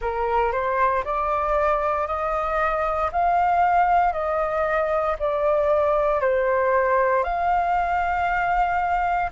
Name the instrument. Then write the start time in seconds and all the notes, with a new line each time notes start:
flute
0.00 A#4
0.52 C5
1.04 D5
2.07 D#5
3.11 F5
4.12 D#5
5.19 D5
6.20 C5
7.23 F5